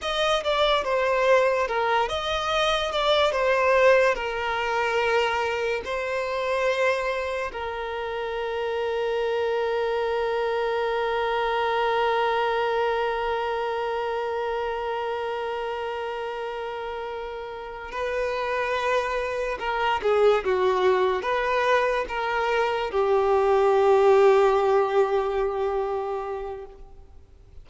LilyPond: \new Staff \with { instrumentName = "violin" } { \time 4/4 \tempo 4 = 72 dis''8 d''8 c''4 ais'8 dis''4 d''8 | c''4 ais'2 c''4~ | c''4 ais'2.~ | ais'1~ |
ais'1~ | ais'4. b'2 ais'8 | gis'8 fis'4 b'4 ais'4 g'8~ | g'1 | }